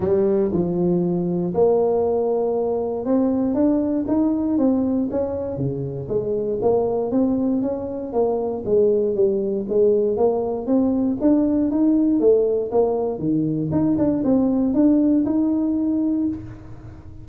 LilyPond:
\new Staff \with { instrumentName = "tuba" } { \time 4/4 \tempo 4 = 118 g4 f2 ais4~ | ais2 c'4 d'4 | dis'4 c'4 cis'4 cis4 | gis4 ais4 c'4 cis'4 |
ais4 gis4 g4 gis4 | ais4 c'4 d'4 dis'4 | a4 ais4 dis4 dis'8 d'8 | c'4 d'4 dis'2 | }